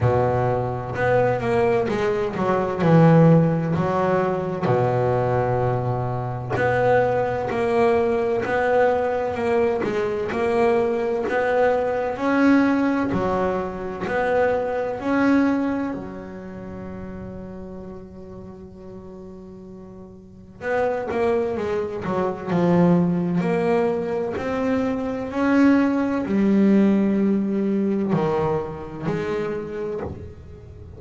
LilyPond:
\new Staff \with { instrumentName = "double bass" } { \time 4/4 \tempo 4 = 64 b,4 b8 ais8 gis8 fis8 e4 | fis4 b,2 b4 | ais4 b4 ais8 gis8 ais4 | b4 cis'4 fis4 b4 |
cis'4 fis2.~ | fis2 b8 ais8 gis8 fis8 | f4 ais4 c'4 cis'4 | g2 dis4 gis4 | }